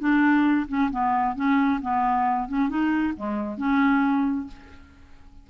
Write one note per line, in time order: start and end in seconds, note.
0.00 0.67 D4
0.68 0.91 C#4
0.92 1.36 B3
1.36 1.81 C#4
1.82 2.49 B3
2.49 2.69 C#4
2.69 3.14 D#4
3.17 3.58 G#3
3.58 4.48 C#4